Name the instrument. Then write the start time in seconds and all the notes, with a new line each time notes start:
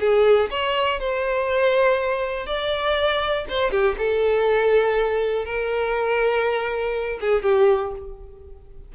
violin
0.00 G#4
0.50 C#5
1.00 C5
2.47 D5
3.49 C5
3.71 G4
3.98 A4
5.45 A#4
7.20 G#4
7.42 G4